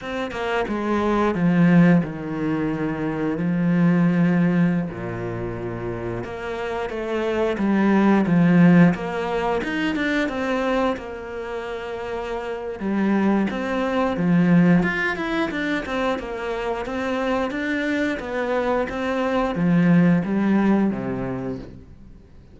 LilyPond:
\new Staff \with { instrumentName = "cello" } { \time 4/4 \tempo 4 = 89 c'8 ais8 gis4 f4 dis4~ | dis4 f2~ f16 ais,8.~ | ais,4~ ais,16 ais4 a4 g8.~ | g16 f4 ais4 dis'8 d'8 c'8.~ |
c'16 ais2~ ais8. g4 | c'4 f4 f'8 e'8 d'8 c'8 | ais4 c'4 d'4 b4 | c'4 f4 g4 c4 | }